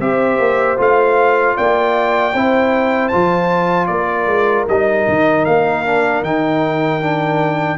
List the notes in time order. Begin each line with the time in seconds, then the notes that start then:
0.00 C4 G4 C5 E5
0.39 A#3
0.77 A3 F4 F5
1.56 A#3 D5 G5
2.33 C4 E4 C5
3.08 F3 F4 A5
3.87 A#3 A#4 D5
4.26 G#3
4.68 G3 D#4 D#5
5.08 D#3
5.45 A#3 F5
5.85 D4
6.22 D#3 D#4 G5
7.01 D4